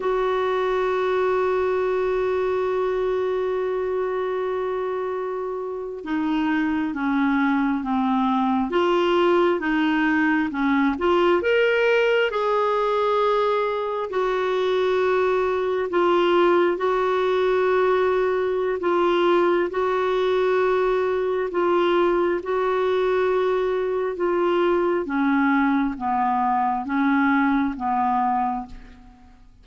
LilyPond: \new Staff \with { instrumentName = "clarinet" } { \time 4/4 \tempo 4 = 67 fis'1~ | fis'2~ fis'8. dis'4 cis'16~ | cis'8. c'4 f'4 dis'4 cis'16~ | cis'16 f'8 ais'4 gis'2 fis'16~ |
fis'4.~ fis'16 f'4 fis'4~ fis'16~ | fis'4 f'4 fis'2 | f'4 fis'2 f'4 | cis'4 b4 cis'4 b4 | }